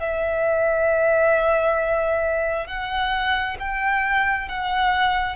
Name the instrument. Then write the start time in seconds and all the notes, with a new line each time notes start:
violin
0.00 E5
2.67 F#5
3.60 G5
4.49 F#5